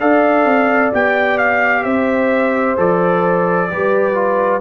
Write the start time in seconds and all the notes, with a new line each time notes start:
0.00 D4 A4 D5 F5
0.45 C4
0.93 B3 G4 G5
1.38 F5
1.83 C4 C5 E5
2.77 F3 A4 D5
3.70 G3 G4 B4
4.15 F4